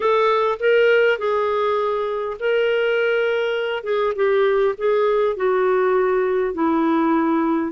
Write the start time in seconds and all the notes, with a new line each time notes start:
0.00 A4
0.59 A#4
1.18 G#4
2.39 A#4
3.83 G#4
4.15 G4
4.77 G#4
5.36 F#4
6.53 E4